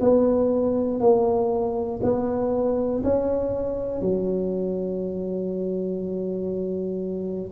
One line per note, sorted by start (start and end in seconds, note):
0.00 1.00 B3
1.00 2.00 A#3
2.03 3.03 B3
3.03 4.01 C#4
4.01 7.51 F#3